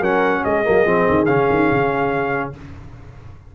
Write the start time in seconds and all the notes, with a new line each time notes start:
0.00 F#3 C#4 A#4 F#5
0.44 G#3 G#4 D#5
0.64 F#3 A#3
0.85 F3 C4
1.09 D#3
1.25 C#3 C#4 F5
1.49 D#3
1.72 C#3